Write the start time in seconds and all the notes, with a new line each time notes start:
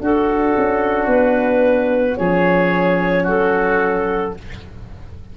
0.00 D4 F#4 A4
0.57 C#4
1.07 B3 B4
2.16 F3 C#4 G#4 C#5
3.23 F#3 F#4 A4